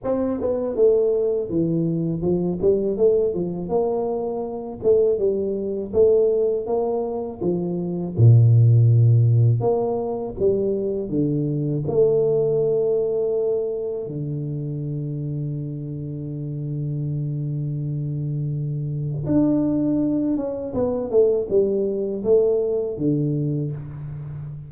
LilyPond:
\new Staff \with { instrumentName = "tuba" } { \time 4/4 \tempo 4 = 81 c'8 b8 a4 e4 f8 g8 | a8 f8 ais4. a8 g4 | a4 ais4 f4 ais,4~ | ais,4 ais4 g4 d4 |
a2. d4~ | d1~ | d2 d'4. cis'8 | b8 a8 g4 a4 d4 | }